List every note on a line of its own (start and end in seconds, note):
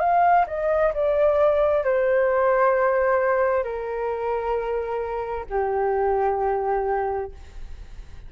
0.00 0.45 F5
0.47 0.93 D#5
0.94 1.84 D5
1.84 3.64 C5
3.64 5.45 A#4
5.50 7.32 G4